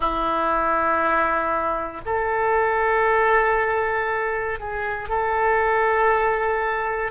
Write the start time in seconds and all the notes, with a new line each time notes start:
0.00 E4
2.05 A4
4.59 G#4
5.08 A4